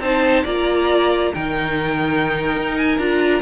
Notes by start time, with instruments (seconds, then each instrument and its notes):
0.00 cello C4, viola D#4, violin C5 A5
0.44 cello A#3, viola F4, violin D5 A#5
1.34 cello D#3, viola D#4, violin A#4 G5
2.57 cello D#4
2.78 violin G#5
2.99 cello D4, viola F4, violin A#5